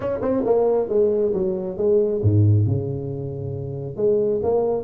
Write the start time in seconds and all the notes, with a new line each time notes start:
0.00 C#4
0.21 C4
0.45 A#3
0.88 G#3
1.33 F#3
1.77 G#3
2.22 G#2
2.66 C#3
3.96 G#3
4.42 A#3